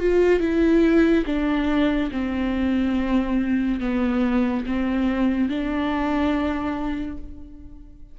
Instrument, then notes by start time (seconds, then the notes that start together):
viola
0.00 F4
0.40 E4
1.26 D4
2.12 C4
3.80 B3
4.66 C4
5.49 D4